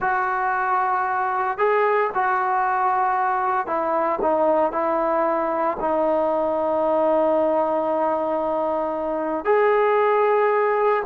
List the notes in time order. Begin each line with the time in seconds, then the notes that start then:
0.00 F#4
1.57 G#4
2.14 F#4
3.66 E4
4.21 D#4
4.72 E4
5.80 D#4
9.44 G#4